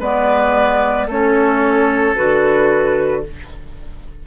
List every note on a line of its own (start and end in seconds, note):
0.00 1.07 G#3
0.00 1.08 B3
0.00 1.07 B4
0.00 1.09 D5
1.08 2.15 A3
1.08 2.16 C#4
1.08 3.22 A4
1.08 2.16 C#5
2.16 3.27 D3
2.16 3.23 F#4
2.16 3.23 B4